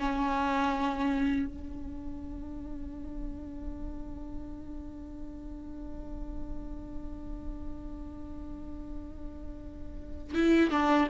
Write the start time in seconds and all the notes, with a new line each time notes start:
0.00 C#4
1.47 D4
10.35 E4
10.71 D4